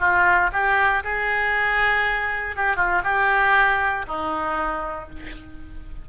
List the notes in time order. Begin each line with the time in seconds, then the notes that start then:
0.00 F4
0.53 G4
1.04 G#4
2.56 G4
2.77 F4
3.04 G4
4.08 D#4